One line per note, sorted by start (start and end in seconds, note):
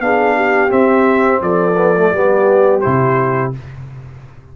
0.00 0.71 B3
0.00 0.69 D4
0.00 0.36 G#4
0.00 0.71 F5
0.36 1.42 G4
0.69 1.75 C4
0.69 1.41 C4
0.69 1.42 E5
1.41 2.12 F3
1.41 2.13 A4
1.41 2.81 D5
1.77 1.94 B3
1.97 2.14 A3
2.12 2.83 G3
2.12 2.83 B3
2.12 3.56 G4
2.81 3.56 C3
2.81 3.53 E4
2.81 3.51 C5